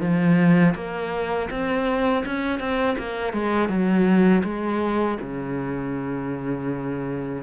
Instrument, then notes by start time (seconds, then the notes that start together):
cello
0.00 F3
0.75 A#3
1.50 C4
2.25 C#4
2.59 C4
2.98 A#3
3.33 G#3
3.69 F#3
4.43 G#3
5.21 C#3